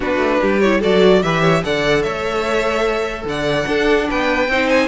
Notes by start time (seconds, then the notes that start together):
0.00 B3 D4 F#4 B4
0.17 A3
0.41 G3 G4
0.60 E4 C#5
0.80 F#3 F#4 A4 D5
1.22 E3 G4 B4 E5
1.41 C#5
1.63 D3 A4 D5 F#5
2.02 A3 C#5 E5
3.24 D3 D5 F#5
3.66 D4 A4
4.09 B3 B4 G5
4.48 C4 D#4 C5
4.69 G#5